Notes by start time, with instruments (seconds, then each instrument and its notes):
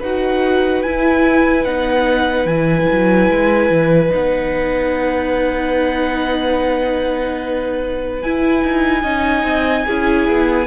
0.00 cello D#4, viola F#4, violin B4 F#5
0.83 cello E4, viola E4, violin G#5
1.65 cello B3, viola D#4, violin F#5
2.46 cello E3, viola E4, violin G#5
2.92 cello F#3
3.30 cello G#3
3.70 cello E3
4.09 cello B3, viola D#4, violin F#5
8.22 cello E4, viola E4, violin G#5
8.64 cello D#4
9.03 cello C#4, viola D#4, violin D#5
9.44 cello C4
9.86 cello C#4, viola E4, violin G#4
10.29 cello B3